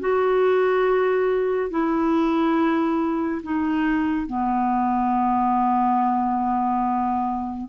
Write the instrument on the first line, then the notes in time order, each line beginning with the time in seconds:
clarinet
0.00 F#4
1.71 E4
3.43 D#4
4.27 B3